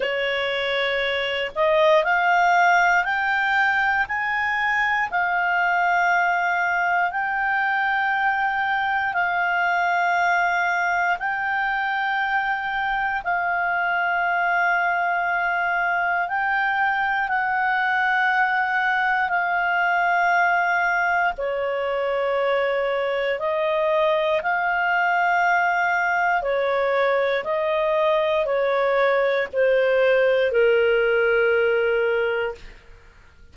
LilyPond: \new Staff \with { instrumentName = "clarinet" } { \time 4/4 \tempo 4 = 59 cis''4. dis''8 f''4 g''4 | gis''4 f''2 g''4~ | g''4 f''2 g''4~ | g''4 f''2. |
g''4 fis''2 f''4~ | f''4 cis''2 dis''4 | f''2 cis''4 dis''4 | cis''4 c''4 ais'2 | }